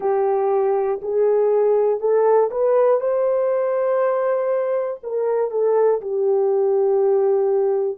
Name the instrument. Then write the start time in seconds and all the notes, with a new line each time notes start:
horn
0.00 G4
1.02 G#4
2.00 A4
2.50 B4
3.00 C5
5.03 A#4
5.50 A4
6.00 G4